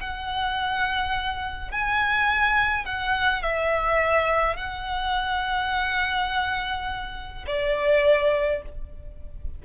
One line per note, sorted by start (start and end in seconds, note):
0.00 1.71 F#5
1.71 2.85 G#5
2.85 3.42 F#5
3.42 4.56 E5
4.56 7.45 F#5
7.47 8.62 D5